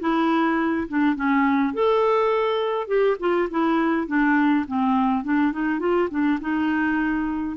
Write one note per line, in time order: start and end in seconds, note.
0.00 0.87 E4
0.88 1.15 D4
1.15 1.73 C#4
1.73 2.88 A4
2.88 3.17 G4
3.20 3.49 F4
3.50 4.07 E4
4.07 4.65 D4
4.67 5.24 C4
5.24 5.52 D4
5.52 5.79 D#4
5.79 6.08 F4
6.10 6.39 D4
6.41 7.57 D#4